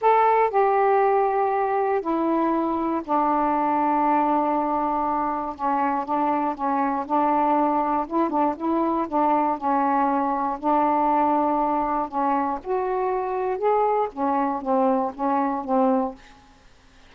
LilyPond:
\new Staff \with { instrumentName = "saxophone" } { \time 4/4 \tempo 4 = 119 a'4 g'2. | e'2 d'2~ | d'2. cis'4 | d'4 cis'4 d'2 |
e'8 d'8 e'4 d'4 cis'4~ | cis'4 d'2. | cis'4 fis'2 gis'4 | cis'4 c'4 cis'4 c'4 | }